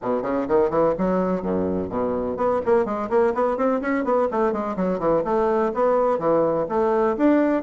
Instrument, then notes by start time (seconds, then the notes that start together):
bassoon
0.02 B2
0.22 C#3
0.47 D#3
0.69 E3
0.98 F#3
1.42 F#2
1.89 B2
2.36 B3
2.65 A#3
2.85 G#3
3.09 A#3
3.34 B3
3.57 C4
3.81 C#4
4.04 B3
4.31 A3
4.52 G#3
4.76 F#3
4.99 E3
5.24 A3
5.74 B3
6.18 E3
6.68 A3
7.17 D4